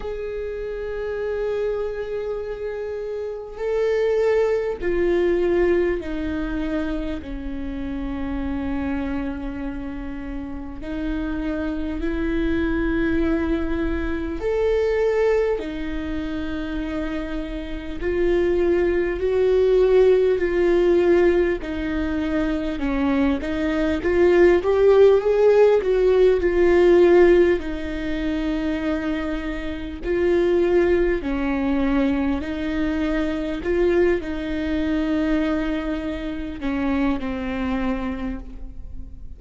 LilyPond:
\new Staff \with { instrumentName = "viola" } { \time 4/4 \tempo 4 = 50 gis'2. a'4 | f'4 dis'4 cis'2~ | cis'4 dis'4 e'2 | a'4 dis'2 f'4 |
fis'4 f'4 dis'4 cis'8 dis'8 | f'8 g'8 gis'8 fis'8 f'4 dis'4~ | dis'4 f'4 cis'4 dis'4 | f'8 dis'2 cis'8 c'4 | }